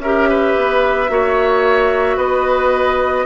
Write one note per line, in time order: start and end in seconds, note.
0.00 0.55 C#4
0.00 1.09 G4
0.00 0.29 A#4
0.00 2.19 E5
0.29 1.11 B4
0.57 1.10 B3
1.09 2.17 A#3
1.09 3.26 F#4
1.09 2.17 C#5
2.17 3.26 B3
2.17 3.26 B4
2.17 3.26 D#5